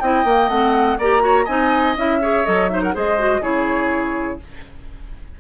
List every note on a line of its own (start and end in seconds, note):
0.00 0.24 C4
0.00 0.26 E4
0.00 0.98 D#5
0.00 0.48 G5
0.24 0.48 A#3
0.24 0.50 A#3
0.48 0.96 A3
0.48 0.99 C4
0.48 0.97 F#5
0.98 1.47 A#3
0.98 1.20 G4
0.98 1.22 D5
0.98 1.46 A#5
1.20 1.44 F#4
1.20 1.45 C#5
1.45 1.96 C4
1.45 1.97 D#4
1.45 2.18 D#5
1.45 1.95 G#5
1.96 2.45 C#4
1.96 2.21 E4
1.96 2.45 E5
2.21 2.45 G#4
2.21 2.71 C#5
2.45 2.96 F#3
2.45 2.69 A4
2.45 2.68 D#5
2.68 2.93 D#4
2.68 2.82 C5
2.68 2.81 E5
2.82 2.94 A#4
2.82 2.95 F#5
2.93 3.40 G#3
2.93 3.18 G#4
2.93 3.42 C5
2.93 3.43 D#5
3.18 3.42 F#4
3.40 4.38 C#3
3.40 4.40 E4
3.40 4.39 G#4
3.40 4.40 C#5